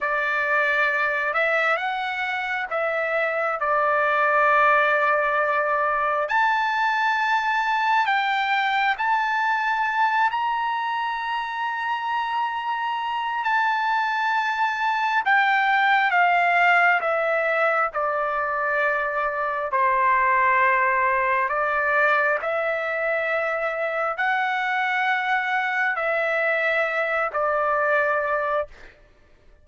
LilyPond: \new Staff \with { instrumentName = "trumpet" } { \time 4/4 \tempo 4 = 67 d''4. e''8 fis''4 e''4 | d''2. a''4~ | a''4 g''4 a''4. ais''8~ | ais''2. a''4~ |
a''4 g''4 f''4 e''4 | d''2 c''2 | d''4 e''2 fis''4~ | fis''4 e''4. d''4. | }